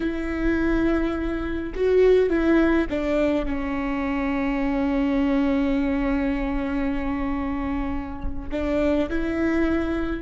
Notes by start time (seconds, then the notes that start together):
0.00 E4
1.75 F#4
2.29 E4
2.89 D4
3.45 C#4
8.51 D4
9.09 E4